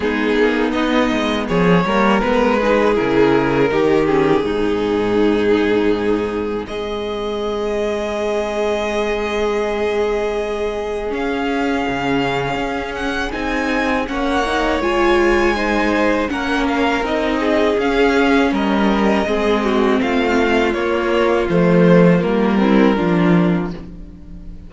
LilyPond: <<
  \new Staff \with { instrumentName = "violin" } { \time 4/4 \tempo 4 = 81 gis'4 dis''4 cis''4 b'4 | ais'4. gis'2~ gis'8~ | gis'4 dis''2.~ | dis''2. f''4~ |
f''4. fis''8 gis''4 fis''4 | gis''2 fis''8 f''8 dis''4 | f''4 dis''2 f''4 | cis''4 c''4 ais'2 | }
  \new Staff \with { instrumentName = "violin" } { \time 4/4 dis'2 gis'8 ais'4 gis'8~ | gis'4 g'4 dis'2~ | dis'4 gis'2.~ | gis'1~ |
gis'2. cis''4~ | cis''4 c''4 ais'4. gis'8~ | gis'4 ais'4 gis'8 fis'8 f'4~ | f'2~ f'8 e'8 f'4 | }
  \new Staff \with { instrumentName = "viola" } { \time 4/4 b2~ b8 ais8 b8 dis'8 | e'4 dis'8 cis'8 c'2~ | c'1~ | c'2. cis'4~ |
cis'2 dis'4 cis'8 dis'8 | f'4 dis'4 cis'4 dis'4 | cis'2 c'2 | ais4 a4 ais8 c'8 d'4 | }
  \new Staff \with { instrumentName = "cello" } { \time 4/4 gis8 ais8 b8 gis8 f8 g8 gis4 | cis4 dis4 gis,2~ | gis,4 gis2.~ | gis2. cis'4 |
cis4 cis'4 c'4 ais4 | gis2 ais4 c'4 | cis'4 g4 gis4 a4 | ais4 f4 g4 f4 | }
>>